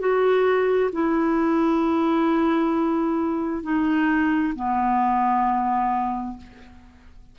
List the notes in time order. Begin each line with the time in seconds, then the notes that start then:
0.00 F#4
0.93 E4
3.63 D#4
4.56 B3